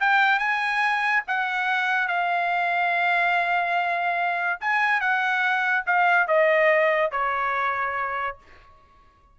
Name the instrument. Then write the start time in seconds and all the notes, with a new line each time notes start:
trumpet
0.00 G5
0.39 G#5
1.27 F#5
2.08 F5
4.60 G#5
5.00 F#5
5.86 F5
6.27 D#5
7.11 C#5